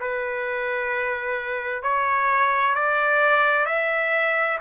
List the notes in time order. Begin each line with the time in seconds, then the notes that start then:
0.00 B4
1.83 C#5
2.75 D5
3.66 E5